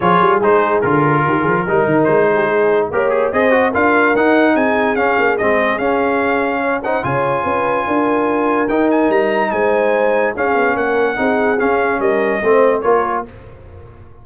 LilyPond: <<
  \new Staff \with { instrumentName = "trumpet" } { \time 4/4 \tempo 4 = 145 cis''4 c''4 ais'2~ | ais'4 c''2 ais'8 gis'8 | dis''4 f''4 fis''4 gis''4 | f''4 dis''4 f''2~ |
f''8 fis''8 gis''2.~ | gis''4 g''8 gis''8 ais''4 gis''4~ | gis''4 f''4 fis''2 | f''4 dis''2 cis''4 | }
  \new Staff \with { instrumentName = "horn" } { \time 4/4 gis'2. g'8 gis'8 | ais'4. gis'16 g'16 gis'4 cis''4 | c''4 ais'2 gis'4~ | gis'1 |
cis''8 c''8 cis''4 b'4 ais'4~ | ais'2. c''4~ | c''4 gis'4 ais'4 gis'4~ | gis'4 ais'4 c''4 ais'4 | }
  \new Staff \with { instrumentName = "trombone" } { \time 4/4 f'4 dis'4 f'2 | dis'2. g'4 | gis'8 fis'8 f'4 dis'2 | cis'4 c'4 cis'2~ |
cis'8 dis'8 f'2.~ | f'4 dis'2.~ | dis'4 cis'2 dis'4 | cis'2 c'4 f'4 | }
  \new Staff \with { instrumentName = "tuba" } { \time 4/4 f8 g8 gis4 d4 dis8 f8 | g8 dis8 gis2 ais4 | c'4 d'4 dis'4 c'4 | cis'8 ais8 gis4 cis'2~ |
cis'4 cis4 cis'4 d'4~ | d'4 dis'4 g4 gis4~ | gis4 cis'8 b8 ais4 c'4 | cis'4 g4 a4 ais4 | }
>>